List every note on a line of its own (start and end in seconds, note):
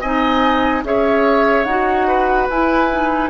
0.00 0.83 C4
0.00 0.83 D#4
0.00 0.82 D#5
0.00 0.82 G#5
0.83 1.64 C#4
0.83 1.66 G#4
0.83 2.07 C#5
0.83 1.64 E5
1.64 2.47 D#4
1.64 2.50 F#4
1.64 2.46 F#5
2.07 3.29 B4
2.49 3.29 E4
2.49 2.91 E4
2.49 3.29 G#5
2.91 3.29 D#4